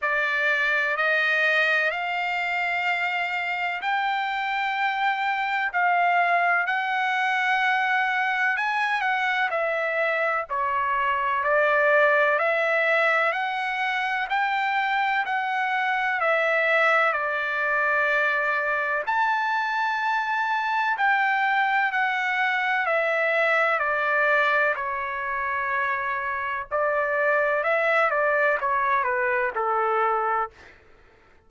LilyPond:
\new Staff \with { instrumentName = "trumpet" } { \time 4/4 \tempo 4 = 63 d''4 dis''4 f''2 | g''2 f''4 fis''4~ | fis''4 gis''8 fis''8 e''4 cis''4 | d''4 e''4 fis''4 g''4 |
fis''4 e''4 d''2 | a''2 g''4 fis''4 | e''4 d''4 cis''2 | d''4 e''8 d''8 cis''8 b'8 a'4 | }